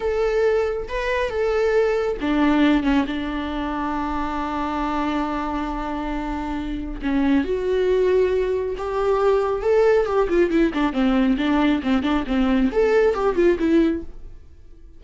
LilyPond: \new Staff \with { instrumentName = "viola" } { \time 4/4 \tempo 4 = 137 a'2 b'4 a'4~ | a'4 d'4. cis'8 d'4~ | d'1~ | d'1 |
cis'4 fis'2. | g'2 a'4 g'8 f'8 | e'8 d'8 c'4 d'4 c'8 d'8 | c'4 a'4 g'8 f'8 e'4 | }